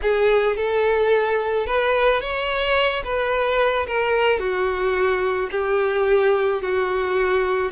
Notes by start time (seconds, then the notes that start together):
0.02 G#4
0.56 A4
1.66 B4
2.20 C#5
3.04 B4
3.86 A#4
4.39 F#4
5.51 G4
6.61 F#4